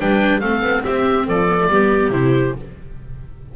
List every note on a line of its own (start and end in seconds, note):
0.00 0.41 G3
0.00 0.41 D4
0.00 0.40 B4
0.00 0.40 G5
0.40 0.62 A3
0.40 1.47 C4
0.40 0.83 A4
0.40 0.83 F5
0.62 0.83 B3
0.84 1.28 C4
0.84 1.25 G4
0.84 1.27 E5
1.25 1.68 F3
1.25 1.67 A4
1.25 2.12 D5
1.48 1.59 B3
1.60 1.70 A3
1.68 2.10 G3
1.68 2.12 B3
1.68 2.56 G4
2.10 2.52 C3
2.10 2.54 E4
2.10 2.54 C5